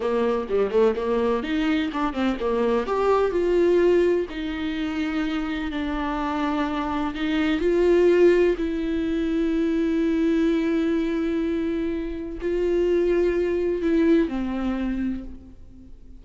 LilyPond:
\new Staff \with { instrumentName = "viola" } { \time 4/4 \tempo 4 = 126 ais4 g8 a8 ais4 dis'4 | d'8 c'8 ais4 g'4 f'4~ | f'4 dis'2. | d'2. dis'4 |
f'2 e'2~ | e'1~ | e'2 f'2~ | f'4 e'4 c'2 | }